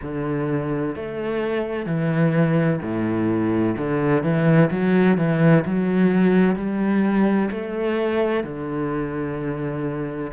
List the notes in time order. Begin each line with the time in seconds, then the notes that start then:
0.02 D3
0.95 A3
1.86 E3
2.82 A2
3.77 D3
4.23 E3
4.70 F#3
5.17 E3
5.65 F#3
6.55 G3
7.50 A3
8.43 D3